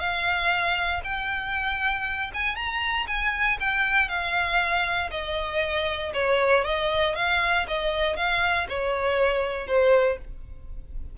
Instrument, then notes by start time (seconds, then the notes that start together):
violin
0.00 F5
1.04 G5
2.34 G#5
2.56 A#5
3.08 G#5
3.61 G5
4.09 F5
5.11 D#5
6.14 C#5
6.65 D#5
7.16 F5
7.68 D#5
8.17 F5
8.69 C#5
9.68 C5